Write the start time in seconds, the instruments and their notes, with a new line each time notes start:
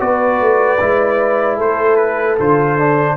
0.00 tuba B3, trombone F#4, horn B4, trumpet D5
0.40 tuba A3
0.80 tuba G#3, trombone E4
1.57 tuba A3, horn A4, trumpet C5
1.97 trumpet B4
2.39 tuba D3, trombone F4, trumpet C5
2.79 trombone D4